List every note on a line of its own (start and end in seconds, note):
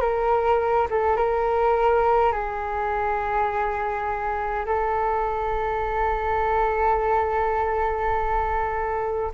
0.00 0.87 A#4
0.90 1.16 A4
1.16 2.32 A#4
2.32 4.65 G#4
4.65 9.31 A4